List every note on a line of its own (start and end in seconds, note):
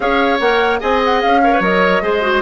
0.00 0.40 C#4
0.00 0.39 G#4
0.00 0.80 C#5
0.00 0.39 F5
0.40 0.80 A#3
0.40 0.79 A#4
0.40 0.80 F#5
0.79 1.23 C4
0.79 1.40 G#4
0.79 1.41 D#5
0.79 1.02 G#5
1.04 1.21 F#5
1.21 1.60 C#4
1.21 1.62 F5
1.43 1.53 A#4
1.43 2.02 C#5
1.53 1.62 B4
1.60 2.00 F#3
1.60 2.02 A#4
1.60 2.41 D#5
2.01 2.41 G#3
2.01 2.22 G#4
2.01 2.41 C5
2.22 2.41 F#4